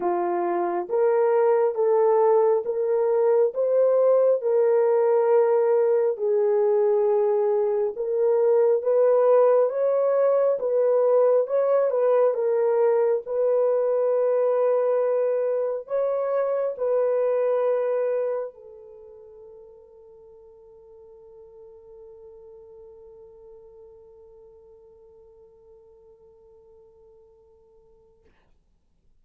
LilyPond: \new Staff \with { instrumentName = "horn" } { \time 4/4 \tempo 4 = 68 f'4 ais'4 a'4 ais'4 | c''4 ais'2 gis'4~ | gis'4 ais'4 b'4 cis''4 | b'4 cis''8 b'8 ais'4 b'4~ |
b'2 cis''4 b'4~ | b'4 a'2.~ | a'1~ | a'1 | }